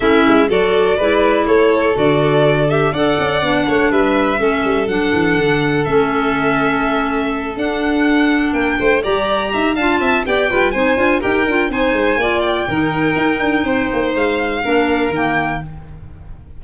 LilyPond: <<
  \new Staff \with { instrumentName = "violin" } { \time 4/4 \tempo 4 = 123 e''4 d''2 cis''4 | d''4. e''8 fis''2 | e''2 fis''2 | e''2.~ e''8 fis''8~ |
fis''4. g''4 ais''4. | a''4 g''4 gis''4 g''4 | gis''4. g''2~ g''8~ | g''4 f''2 g''4 | }
  \new Staff \with { instrumentName = "violin" } { \time 4/4 e'4 a'4 b'4 a'4~ | a'2 d''4. cis''8 | b'4 a'2.~ | a'1~ |
a'4. ais'8 c''8 d''4 e''8 | f''8 e''8 d''8 b'8 c''4 ais'4 | c''4 d''4 ais'2 | c''2 ais'2 | }
  \new Staff \with { instrumentName = "clarinet" } { \time 4/4 cis'4 fis'4 e'2 | fis'4. g'8 a'4 d'4~ | d'4 cis'4 d'2 | cis'2.~ cis'8 d'8~ |
d'2~ d'8 g'4. | f'4 g'8 f'8 dis'8 f'8 g'8 f'8 | dis'4 f'4 dis'2~ | dis'2 d'4 ais4 | }
  \new Staff \with { instrumentName = "tuba" } { \time 4/4 a8 gis8 fis4 gis4 a4 | d2 d'8 cis'8 b8 a8 | g4 a8 g8 fis8 e8 d4 | a2.~ a8 d'8~ |
d'4. ais8 a8 g4 dis'8 | d'8 c'8 b8 g8 c'8 d'8 dis'8 d'8 | c'8 gis8 ais4 dis4 dis'8 d'8 | c'8 ais8 gis4 ais4 dis4 | }
>>